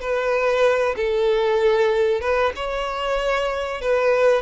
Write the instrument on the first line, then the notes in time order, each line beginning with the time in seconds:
violin
0.00 B4
0.96 A4
2.20 B4
2.56 C#5
3.81 B4